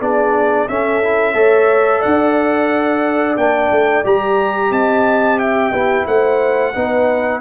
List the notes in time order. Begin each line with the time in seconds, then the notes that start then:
0.00 B3 D4 G#4 D5
0.68 C#4 A4 E5
1.03 E4
1.35 A3 A4 C#5
2.00 D4 D5 F#5
3.37 A#3 D4 G5
3.71 A3
4.04 G3 G4 A#5
4.71 C4 D#5 A5
5.39 E5 G5
5.72 B3 E4 G4
6.06 A3 C5 F#5
6.75 B3 D#4 B4